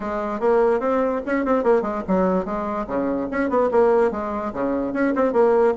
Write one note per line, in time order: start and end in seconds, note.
0.00 0.39 G#3
0.39 0.80 A#3
0.80 1.21 C4
1.26 1.45 C#4
1.45 1.63 C4
1.63 1.82 A#3
1.82 2.02 G#3
2.07 2.45 F#3
2.45 2.86 G#3
2.87 3.28 C#3
3.31 3.49 C#4
3.49 3.70 B3
3.71 4.11 A#3
4.11 4.52 G#3
4.53 4.93 C#3
4.93 5.14 C#4
5.15 5.32 C4
5.32 5.73 A#3